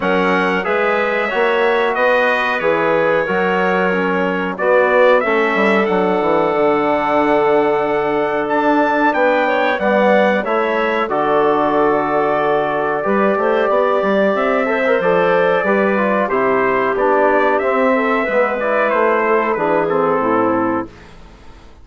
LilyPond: <<
  \new Staff \with { instrumentName = "trumpet" } { \time 4/4 \tempo 4 = 92 fis''4 e''2 dis''4 | cis''2. d''4 | e''4 fis''2.~ | fis''4 a''4 g''4 fis''4 |
e''4 d''2.~ | d''2 e''4 d''4~ | d''4 c''4 d''4 e''4~ | e''8 d''8 c''4 b'8 a'4. | }
  \new Staff \with { instrumentName = "clarinet" } { \time 4/4 ais'4 b'4 cis''4 b'4~ | b'4 ais'2 fis'4 | a'1~ | a'2 b'8 cis''8 d''4 |
cis''4 a'2. | b'8 c''8 d''4. c''4. | b'4 g'2~ g'8 a'8 | b'4. a'8 gis'4 e'4 | }
  \new Staff \with { instrumentName = "trombone" } { \time 4/4 cis'4 gis'4 fis'2 | gis'4 fis'4 cis'4 b4 | cis'4 d'2.~ | d'2. b4 |
e'4 fis'2. | g'2~ g'8 a'16 ais'16 a'4 | g'8 f'8 e'4 d'4 c'4 | b8 e'4. d'8 c'4. | }
  \new Staff \with { instrumentName = "bassoon" } { \time 4/4 fis4 gis4 ais4 b4 | e4 fis2 b4 | a8 g8 fis8 e8 d2~ | d4 d'4 b4 g4 |
a4 d2. | g8 a8 b8 g8 c'4 f4 | g4 c4 b4 c'4 | gis4 a4 e4 a,4 | }
>>